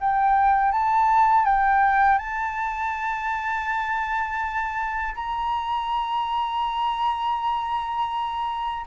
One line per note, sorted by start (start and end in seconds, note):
0.00 0.72 G5
0.72 1.45 A5
1.45 2.18 G5
2.18 5.14 A5
5.15 8.85 A#5